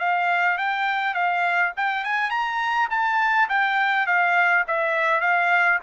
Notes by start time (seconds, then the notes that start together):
0.00 F5
0.58 G5
1.14 F5
1.77 G5
2.04 G#5
2.31 A#5
2.91 A5
3.49 G5
4.07 F5
4.68 E5
5.21 F5